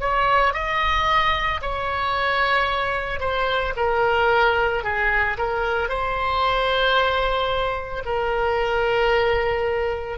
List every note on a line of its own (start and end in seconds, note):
0.00 0.54 C#5
0.54 1.61 D#5
1.62 3.20 C#5
3.20 3.74 C5
3.76 4.84 A#4
4.84 5.37 G#4
5.38 5.89 A#4
5.89 8.04 C5
8.05 10.18 A#4